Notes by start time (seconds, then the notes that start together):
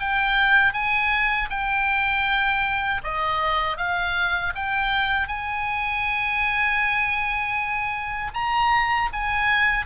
0.00 G5
0.73 G#5
1.50 G5
3.04 D#5
3.77 F5
4.55 G5
5.28 G#5
8.34 A#5
9.13 G#5